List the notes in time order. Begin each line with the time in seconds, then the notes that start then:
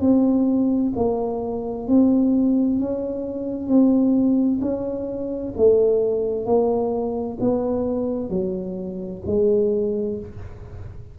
0.00 C4
0.95 A#3
1.87 C4
2.79 C#4
3.67 C4
4.61 C#4
5.56 A3
6.45 A#3
7.40 B3
8.29 F#3
9.26 G#3